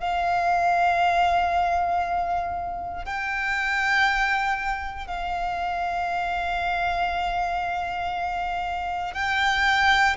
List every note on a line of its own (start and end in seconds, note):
0.00 3.05 F5
3.05 5.07 G5
5.07 9.14 F5
9.14 10.16 G5